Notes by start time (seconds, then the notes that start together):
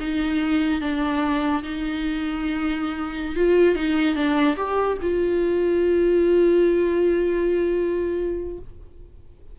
0.00 D#4
0.81 D4
1.63 D#4
3.36 F4
3.76 D#4
4.15 D4
4.57 G4
5.02 F4